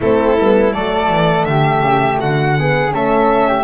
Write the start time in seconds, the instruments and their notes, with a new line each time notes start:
0.00 double bass A3, horn C4, flute E4, violin A4
0.38 double bass G3, horn B3
0.72 double bass F#3, horn A3, flute A4, violin D5
1.10 double bass E3
1.44 double bass D3, flute G4, violin E5
1.80 double bass C#3
2.20 double bass D3, flute F#4, violin F#5
2.58 horn B3, flute G#4
2.89 double bass A3, horn C#4, flute A4, violin E5
3.48 flute G4